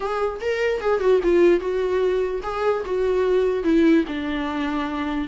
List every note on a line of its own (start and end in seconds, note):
0.00 0.39 G#4
0.40 0.81 A#4
0.81 1.00 G#4
1.00 1.20 F#4
1.23 1.60 F4
1.60 2.41 F#4
2.43 2.83 G#4
2.85 3.63 F#4
3.63 4.04 E4
4.07 5.28 D4